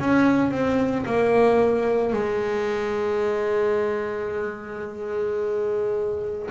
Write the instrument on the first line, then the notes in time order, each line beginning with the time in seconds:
double bass
0.00 C#4
0.51 C4
1.06 A#3
2.13 G#3